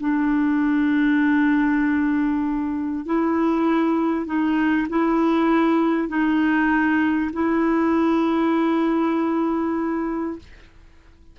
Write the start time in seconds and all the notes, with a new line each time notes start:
0.00 D4
3.06 E4
4.26 D#4
4.89 E4
6.08 D#4
7.32 E4